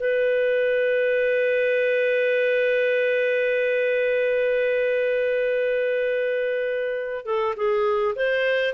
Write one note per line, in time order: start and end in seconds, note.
0.00 7.26 B4
7.26 7.55 A4
7.57 8.15 G#4
8.16 8.74 C5